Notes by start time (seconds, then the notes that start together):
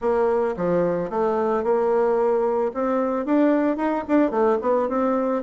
0.01 A#3
0.57 F3
1.10 A3
1.63 A#3
2.73 C4
3.25 D4
3.76 D#4
4.07 D4
4.30 A3
4.61 B3
4.88 C4